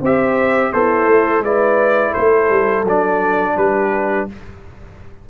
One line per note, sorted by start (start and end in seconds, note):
0.00 0.72 C4
0.00 0.73 G4
0.00 0.71 C5
0.00 0.72 E5
0.72 1.06 B3
0.72 1.44 E4
0.72 1.44 A4
0.72 1.43 C5
1.06 1.40 A3
1.40 2.11 G#3
1.40 2.85 E4
1.40 2.11 B4
1.40 2.13 D5
2.11 3.52 A4
2.11 2.84 C5
2.17 2.50 A3
2.50 2.84 G3
2.84 3.54 F#3
2.84 4.29 D4
2.84 3.57 D5
3.56 4.27 G3
3.56 4.27 G4
3.56 4.28 B4